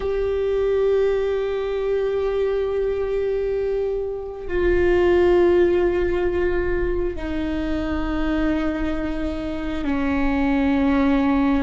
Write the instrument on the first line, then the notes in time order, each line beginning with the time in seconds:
viola
0.00 G4
4.47 F4
7.16 D#4
9.84 C#4